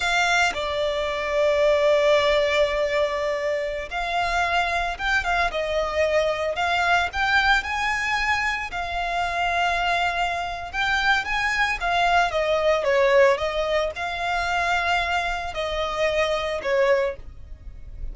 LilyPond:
\new Staff \with { instrumentName = "violin" } { \time 4/4 \tempo 4 = 112 f''4 d''2.~ | d''2.~ d''16 f''8.~ | f''4~ f''16 g''8 f''8 dis''4.~ dis''16~ | dis''16 f''4 g''4 gis''4.~ gis''16~ |
gis''16 f''2.~ f''8. | g''4 gis''4 f''4 dis''4 | cis''4 dis''4 f''2~ | f''4 dis''2 cis''4 | }